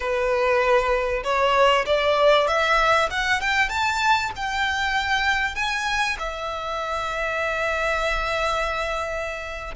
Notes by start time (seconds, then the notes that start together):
0.00 B4
1.23 C#5
1.86 D5
2.47 E5
3.10 F#5
3.40 G5
3.69 A5
4.36 G5
5.55 G#5
6.19 E5